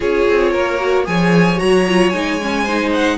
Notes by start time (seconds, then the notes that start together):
0.00 C#4 F4 G#4 C#5
0.28 C4
0.51 A#3 A#4
0.79 F#4
1.04 F3 G#4 C#5 G#5
1.56 F#3 F#4 A#5
1.88 F4
2.09 G#3 D#4 G#5
2.40 C#4
2.63 D#4 C5
2.93 F#5